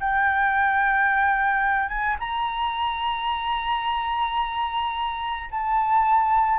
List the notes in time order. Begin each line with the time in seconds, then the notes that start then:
0.00 G5
1.89 G#5
2.20 A#5
5.51 A5